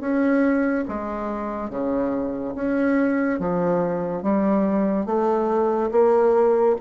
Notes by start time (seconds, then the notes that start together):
0.00 C#4
0.88 G#3
1.70 C#3
2.55 C#4
3.39 F3
4.23 G3
5.06 A3
5.91 A#3